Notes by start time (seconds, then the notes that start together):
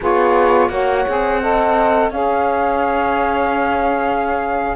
0.00 B3 F4 G#4 C#5
0.69 A#3 F#4 C#5 F#5
1.07 C4 G#4
1.41 A4 D#5
2.10 C#4 G#4 C#5 F5